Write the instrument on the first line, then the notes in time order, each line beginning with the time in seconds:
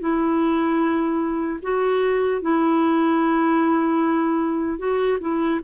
clarinet
0.00 E4
1.62 F#4
2.41 E4
4.78 F#4
5.20 E4